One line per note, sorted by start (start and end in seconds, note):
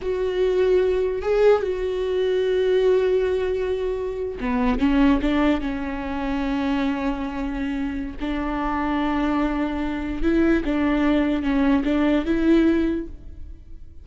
0.01 1.22 F#4
1.22 1.62 G#4
1.62 4.38 F#4
4.40 4.79 B3
4.79 5.19 C#4
5.21 5.60 D4
5.60 8.16 C#4
8.20 10.22 D4
10.22 10.63 E4
10.64 11.42 D4
11.42 11.83 C#4
11.84 12.25 D4
12.25 13.06 E4